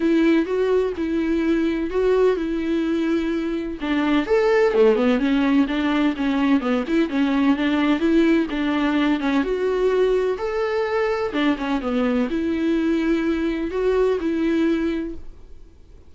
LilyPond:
\new Staff \with { instrumentName = "viola" } { \time 4/4 \tempo 4 = 127 e'4 fis'4 e'2 | fis'4 e'2. | d'4 a'4 a8 b8 cis'4 | d'4 cis'4 b8 e'8 cis'4 |
d'4 e'4 d'4. cis'8 | fis'2 a'2 | d'8 cis'8 b4 e'2~ | e'4 fis'4 e'2 | }